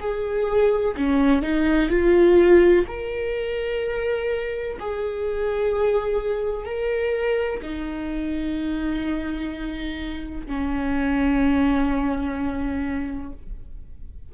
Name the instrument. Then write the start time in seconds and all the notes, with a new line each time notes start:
viola
0.00 G#4
0.96 C#4
1.42 D#4
1.90 F4
2.87 A#4
4.79 G#4
6.65 A#4
7.62 D#4
10.46 C#4